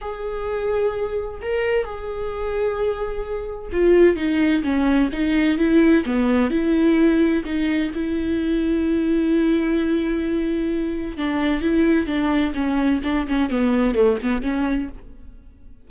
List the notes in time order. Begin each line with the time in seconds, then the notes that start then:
0.01 G#4
1.41 A#4
1.85 G#4
3.72 F4
4.16 D#4
4.63 C#4
5.12 D#4
5.58 E4
6.05 B3
6.50 E4
7.45 D#4
7.94 E4
11.17 D4
11.61 E4
12.06 D4
12.54 C#4
13.03 D4
13.27 C#4
13.49 B3
13.94 A3
14.22 B3
14.42 C#4